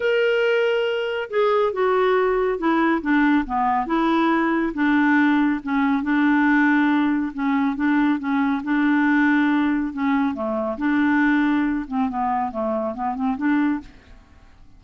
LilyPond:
\new Staff \with { instrumentName = "clarinet" } { \time 4/4 \tempo 4 = 139 ais'2. gis'4 | fis'2 e'4 d'4 | b4 e'2 d'4~ | d'4 cis'4 d'2~ |
d'4 cis'4 d'4 cis'4 | d'2. cis'4 | a4 d'2~ d'8 c'8 | b4 a4 b8 c'8 d'4 | }